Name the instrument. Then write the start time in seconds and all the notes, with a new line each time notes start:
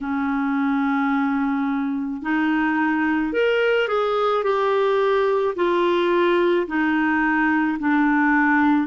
clarinet
0.00 C#4
2.22 D#4
3.32 A#4
3.88 G#4
4.43 G4
5.55 F4
6.67 D#4
7.79 D4